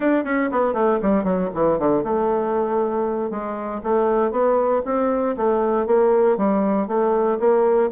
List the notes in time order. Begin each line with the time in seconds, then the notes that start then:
0.00 D4
0.24 C#4
0.51 B3
0.73 A3
1.02 G3
1.23 F#3
1.54 E3
1.78 D3
2.03 A3
3.30 G#3
3.83 A3
4.31 B3
4.85 C4
5.36 A3
5.86 A#3
6.37 G3
6.87 A3
7.39 A#3